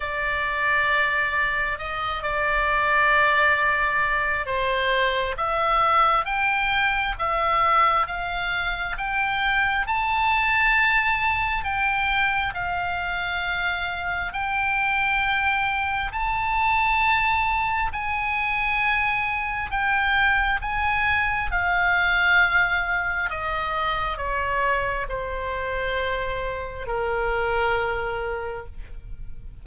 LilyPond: \new Staff \with { instrumentName = "oboe" } { \time 4/4 \tempo 4 = 67 d''2 dis''8 d''4.~ | d''4 c''4 e''4 g''4 | e''4 f''4 g''4 a''4~ | a''4 g''4 f''2 |
g''2 a''2 | gis''2 g''4 gis''4 | f''2 dis''4 cis''4 | c''2 ais'2 | }